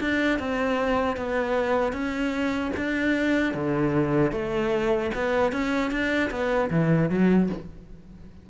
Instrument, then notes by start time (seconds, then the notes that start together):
cello
0.00 D4
0.39 C4
1.17 B3
1.93 C#4
2.76 D4
3.54 D3
4.32 A3
5.15 B3
5.52 C#4
5.91 D4
6.31 B3
6.70 E3
7.10 F#3